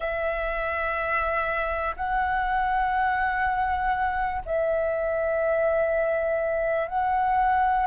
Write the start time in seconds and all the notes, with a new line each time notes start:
0.00 E5
1.96 F#5
4.45 E5
6.88 F#5